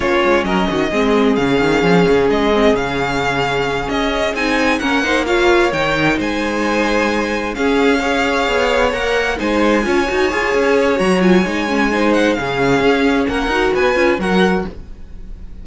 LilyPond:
<<
  \new Staff \with { instrumentName = "violin" } { \time 4/4 \tempo 4 = 131 cis''4 dis''2 f''4~ | f''4 dis''4 f''2~ | f''8 dis''4 gis''4 fis''4 f''8~ | f''8 g''4 gis''2~ gis''8~ |
gis''8 f''2. fis''8~ | fis''8 gis''2.~ gis''8 | ais''8 gis''2 fis''8 f''4~ | f''4 fis''4 gis''4 fis''4 | }
  \new Staff \with { instrumentName = "violin" } { \time 4/4 f'4 ais'8 fis'8 gis'2~ | gis'1~ | gis'2~ gis'8 ais'8 c''8 cis''8~ | cis''4. c''2~ c''8~ |
c''8 gis'4 cis''2~ cis''8~ | cis''8 c''4 cis''2~ cis''8~ | cis''2 c''4 gis'4~ | gis'4 ais'4 b'4 ais'4 | }
  \new Staff \with { instrumentName = "viola" } { \time 4/4 cis'2 c'4 cis'4~ | cis'4. c'8 cis'2~ | cis'4. dis'4 cis'8 dis'8 f'8~ | f'8 dis'2.~ dis'8~ |
dis'8 cis'4 gis'2 ais'8~ | ais'8 dis'4 f'8 fis'8 gis'4. | fis'8 f'8 dis'8 cis'8 dis'4 cis'4~ | cis'4. fis'4 f'8 fis'4 | }
  \new Staff \with { instrumentName = "cello" } { \time 4/4 ais8 gis8 fis8 dis8 gis4 cis8 dis8 | f8 cis8 gis4 cis2~ | cis8 cis'4 c'4 ais4.~ | ais8 dis4 gis2~ gis8~ |
gis8 cis'2 b4 ais8~ | ais8 gis4 cis'8 dis'8 f'8 cis'4 | fis4 gis2 cis4 | cis'4 ais8 dis'8 b8 cis'8 fis4 | }
>>